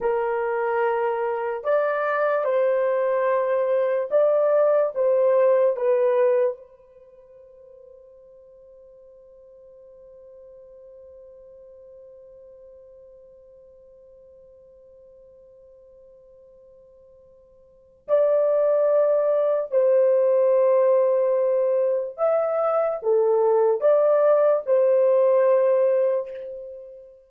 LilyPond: \new Staff \with { instrumentName = "horn" } { \time 4/4 \tempo 4 = 73 ais'2 d''4 c''4~ | c''4 d''4 c''4 b'4 | c''1~ | c''1~ |
c''1~ | c''2 d''2 | c''2. e''4 | a'4 d''4 c''2 | }